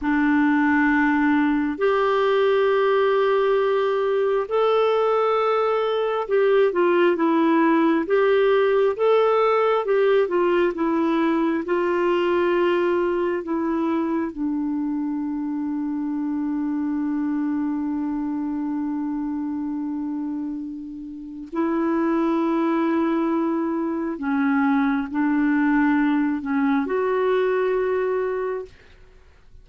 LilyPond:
\new Staff \with { instrumentName = "clarinet" } { \time 4/4 \tempo 4 = 67 d'2 g'2~ | g'4 a'2 g'8 f'8 | e'4 g'4 a'4 g'8 f'8 | e'4 f'2 e'4 |
d'1~ | d'1 | e'2. cis'4 | d'4. cis'8 fis'2 | }